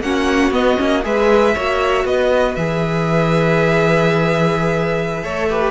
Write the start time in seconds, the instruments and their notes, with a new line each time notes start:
0.00 cello A#3, viola C#4, violin F#4 F#5
0.51 cello B3, viola B3, violin D#5
0.77 cello A#3, viola C#4
1.03 cello G#3, viola G#4, violin B4 E5
1.54 cello A#3, viola F#4, violin C#5
2.05 cello B3, violin B4 D#5
2.55 cello E3, viola G#4, violin E5
5.23 cello A3, viola A4, violin C#5
5.50 viola G4, violin B4